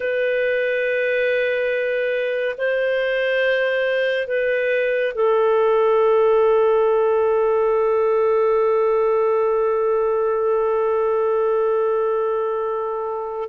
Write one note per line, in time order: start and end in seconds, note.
0.00 2.55 B4
2.57 4.27 C5
4.27 5.13 B4
5.14 13.49 A4